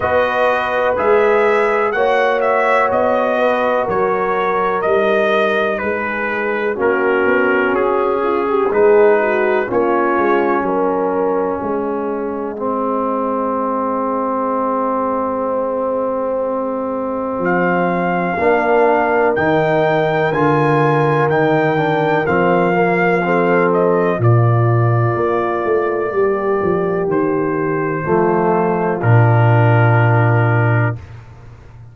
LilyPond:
<<
  \new Staff \with { instrumentName = "trumpet" } { \time 4/4 \tempo 4 = 62 dis''4 e''4 fis''8 e''8 dis''4 | cis''4 dis''4 b'4 ais'4 | gis'4 b'4 cis''4 dis''4~ | dis''1~ |
dis''2 f''2 | g''4 gis''4 g''4 f''4~ | f''8 dis''8 d''2. | c''2 ais'2 | }
  \new Staff \with { instrumentName = "horn" } { \time 4/4 b'2 cis''4. b'8 | ais'2 gis'4 fis'4~ | fis'8 f'16 g'16 gis'8 fis'8 f'4 ais'4 | gis'1~ |
gis'2. ais'4~ | ais'1 | a'4 f'2 g'4~ | g'4 f'2. | }
  \new Staff \with { instrumentName = "trombone" } { \time 4/4 fis'4 gis'4 fis'2~ | fis'4 dis'2 cis'4~ | cis'4 dis'4 cis'2~ | cis'4 c'2.~ |
c'2. d'4 | dis'4 f'4 dis'8 d'8 c'8 ais8 | c'4 ais2.~ | ais4 a4 d'2 | }
  \new Staff \with { instrumentName = "tuba" } { \time 4/4 b4 gis4 ais4 b4 | fis4 g4 gis4 ais8 b8 | cis'4 gis4 ais8 gis8 fis4 | gis1~ |
gis2 f4 ais4 | dis4 d4 dis4 f4~ | f4 ais,4 ais8 a8 g8 f8 | dis4 f4 ais,2 | }
>>